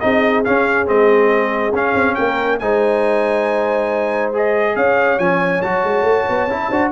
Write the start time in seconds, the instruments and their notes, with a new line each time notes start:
0.00 tuba C4, trombone D#4, horn G#4, trumpet D#5
0.44 trombone C#4, tuba C#4, trumpet F5
0.86 tuba G#3, trombone C4, trumpet D#5
1.72 tuba C#4, trombone C#4, trumpet F5
1.95 tuba C4
2.15 tuba A#3, horn A#4, trumpet G5
2.59 tuba G#3, trombone D#4, horn C5, trumpet G#5
4.33 trombone G#4, trumpet D#5
4.76 tuba C#4, horn C#5, trumpet F5
5.19 tuba F3, trombone C#4, trumpet G#5
5.62 tuba F#3, trombone F#4, trumpet A5
5.84 tuba G#3
6.03 tuba A3
6.29 tuba B3
6.47 tuba C#4, trombone E4
6.69 tuba D4, trombone F#4, horn C5